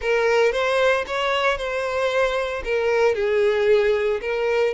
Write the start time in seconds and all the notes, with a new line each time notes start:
0.01 A#4
0.52 C5
1.06 C#5
1.57 C5
2.64 A#4
3.15 G#4
4.21 A#4